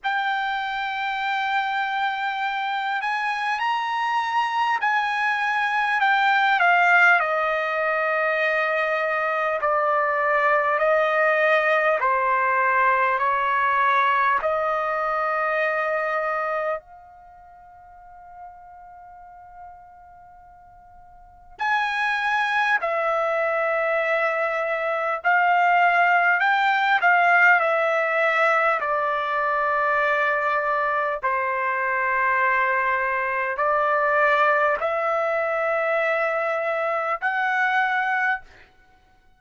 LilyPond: \new Staff \with { instrumentName = "trumpet" } { \time 4/4 \tempo 4 = 50 g''2~ g''8 gis''8 ais''4 | gis''4 g''8 f''8 dis''2 | d''4 dis''4 c''4 cis''4 | dis''2 f''2~ |
f''2 gis''4 e''4~ | e''4 f''4 g''8 f''8 e''4 | d''2 c''2 | d''4 e''2 fis''4 | }